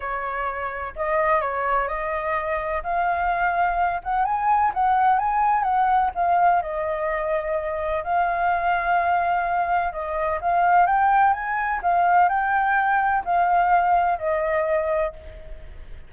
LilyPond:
\new Staff \with { instrumentName = "flute" } { \time 4/4 \tempo 4 = 127 cis''2 dis''4 cis''4 | dis''2 f''2~ | f''8 fis''8 gis''4 fis''4 gis''4 | fis''4 f''4 dis''2~ |
dis''4 f''2.~ | f''4 dis''4 f''4 g''4 | gis''4 f''4 g''2 | f''2 dis''2 | }